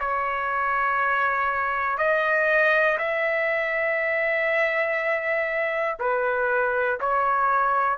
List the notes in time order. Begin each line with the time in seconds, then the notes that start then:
0.00 C#5
1.98 D#5
2.98 E5
5.99 B4
7.00 C#5